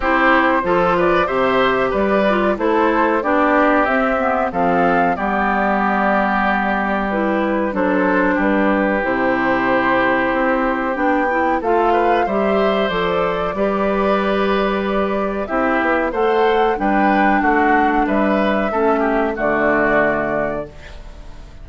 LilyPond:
<<
  \new Staff \with { instrumentName = "flute" } { \time 4/4 \tempo 4 = 93 c''4. d''8 e''4 d''4 | c''4 d''4 e''4 f''4 | d''2. b'4 | c''4 b'4 c''2~ |
c''4 g''4 f''4 e''4 | d''1 | e''4 fis''4 g''4 fis''4 | e''2 d''2 | }
  \new Staff \with { instrumentName = "oboe" } { \time 4/4 g'4 a'8 b'8 c''4 b'4 | a'4 g'2 a'4 | g'1 | a'4 g'2.~ |
g'2 a'8 b'8 c''4~ | c''4 b'2. | g'4 c''4 b'4 fis'4 | b'4 a'8 g'8 fis'2 | }
  \new Staff \with { instrumentName = "clarinet" } { \time 4/4 e'4 f'4 g'4. f'8 | e'4 d'4 c'8 b8 c'4 | b2. e'4 | d'2 e'2~ |
e'4 d'8 e'8 f'4 g'4 | a'4 g'2. | e'4 a'4 d'2~ | d'4 cis'4 a2 | }
  \new Staff \with { instrumentName = "bassoon" } { \time 4/4 c'4 f4 c4 g4 | a4 b4 c'4 f4 | g1 | fis4 g4 c2 |
c'4 b4 a4 g4 | f4 g2. | c'8 b8 a4 g4 a4 | g4 a4 d2 | }
>>